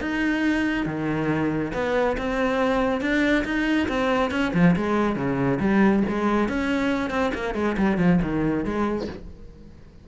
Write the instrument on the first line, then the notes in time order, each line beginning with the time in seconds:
cello
0.00 D#4
0.85 D#3
1.73 B3
2.17 C4
3.01 D4
3.44 D#4
3.88 C4
4.31 C#4
4.53 F3
4.76 G#3
5.16 C#3
5.60 G3
6.08 G#3
6.48 C#4
7.10 C4
7.34 A#3
7.54 G#3
7.77 G3
7.97 F3
8.22 D#3
8.64 G#3